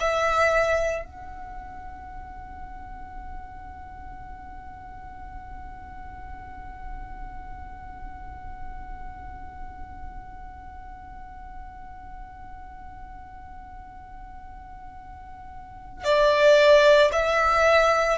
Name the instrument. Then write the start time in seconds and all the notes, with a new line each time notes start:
violin
0.00 E5
1.05 F#5
16.04 D5
17.13 E5